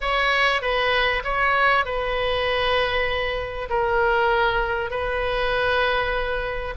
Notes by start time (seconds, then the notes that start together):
0.00 C#5
0.61 B4
1.24 C#5
1.85 B4
3.69 A#4
4.90 B4